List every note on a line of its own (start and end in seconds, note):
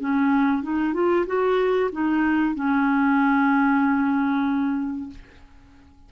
0.00 0.63 C#4
0.63 0.94 D#4
0.94 1.26 F4
1.26 1.90 F#4
1.92 2.55 D#4
2.55 5.10 C#4